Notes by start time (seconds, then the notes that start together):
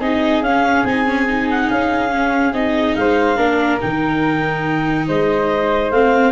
0.00 C4 D#4 G#4 D#5
0.41 C#4 F5
0.84 C4 D#4 G#5
1.06 C#4
1.28 D#4
1.50 F#5
1.70 C#4 F5
2.09 C#4
2.53 C4 D#4 D#5
2.96 G#3 C5 F5
3.36 A#3 D4 A#4
3.80 D#3 D#4 G5
5.07 G#3 C5 D#5
5.91 A3 C4 F5